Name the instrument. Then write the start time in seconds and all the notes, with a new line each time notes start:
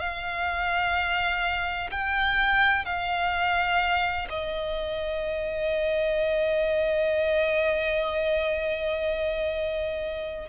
violin
0.00 F5
1.91 G5
2.85 F5
4.30 D#5